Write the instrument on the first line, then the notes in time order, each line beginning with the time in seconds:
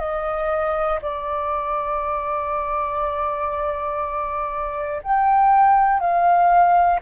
flute
0.00 D#5
1.02 D5
5.03 G5
6.00 F5